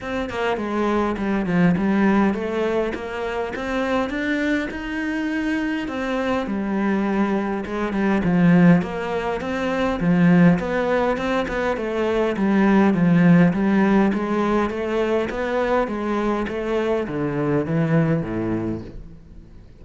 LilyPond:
\new Staff \with { instrumentName = "cello" } { \time 4/4 \tempo 4 = 102 c'8 ais8 gis4 g8 f8 g4 | a4 ais4 c'4 d'4 | dis'2 c'4 g4~ | g4 gis8 g8 f4 ais4 |
c'4 f4 b4 c'8 b8 | a4 g4 f4 g4 | gis4 a4 b4 gis4 | a4 d4 e4 a,4 | }